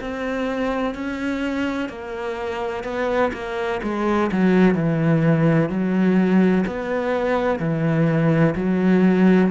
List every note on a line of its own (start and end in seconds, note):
0.00 0.94 C4
0.94 1.89 C#4
1.89 2.83 A#3
2.83 3.31 B3
3.33 3.81 A#3
3.83 4.30 G#3
4.31 4.74 F#3
4.74 5.69 E3
5.69 6.64 F#3
6.66 7.59 B3
7.59 8.54 E3
8.55 9.50 F#3